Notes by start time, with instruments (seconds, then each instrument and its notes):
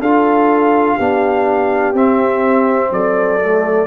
0.00 tuba D4, trombone F4, horn A4, trumpet F5
0.95 tuba B3, trombone D4, horn G4
1.93 tuba C4, trombone C4, trumpet E5
2.91 tuba F#3, horn A4, trumpet D5
3.40 trombone A3